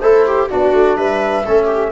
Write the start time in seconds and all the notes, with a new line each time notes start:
0.00 A3 E4 A4 C5
0.26 G4
0.49 B3 D4 F#4 D5
0.73 A3
0.97 G3 B4 E5
1.45 A3 C#4 A4
1.64 G4